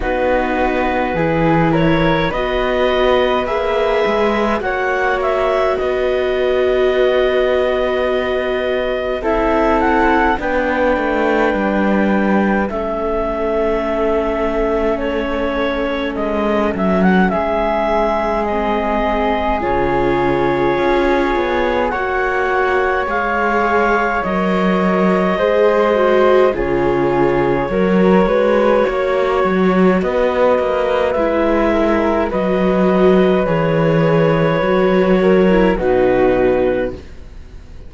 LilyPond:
<<
  \new Staff \with { instrumentName = "clarinet" } { \time 4/4 \tempo 4 = 52 b'4. cis''8 dis''4 e''4 | fis''8 e''8 dis''2. | e''8 fis''8 g''2 e''4~ | e''4 cis''4 dis''8 e''16 fis''16 e''4 |
dis''4 cis''2 fis''4 | f''4 dis''2 cis''4~ | cis''2 dis''4 e''4 | dis''4 cis''2 b'4 | }
  \new Staff \with { instrumentName = "flute" } { \time 4/4 fis'4 gis'8 ais'8 b'2 | cis''4 b'2. | a'4 b'2 a'4~ | a'2. gis'4~ |
gis'2. cis''4~ | cis''2 c''4 gis'4 | ais'8 b'8 cis''4 b'4. ais'8 | b'2~ b'8 ais'8 fis'4 | }
  \new Staff \with { instrumentName = "viola" } { \time 4/4 dis'4 e'4 fis'4 gis'4 | fis'1 | e'4 d'2 cis'4~ | cis'1 |
c'4 f'2 fis'4 | gis'4 ais'4 gis'8 fis'8 f'4 | fis'2. e'4 | fis'4 gis'4 fis'8. e'16 dis'4 | }
  \new Staff \with { instrumentName = "cello" } { \time 4/4 b4 e4 b4 ais8 gis8 | ais4 b2. | c'4 b8 a8 g4 a4~ | a2 gis8 fis8 gis4~ |
gis4 cis4 cis'8 b8 ais4 | gis4 fis4 gis4 cis4 | fis8 gis8 ais8 fis8 b8 ais8 gis4 | fis4 e4 fis4 b,4 | }
>>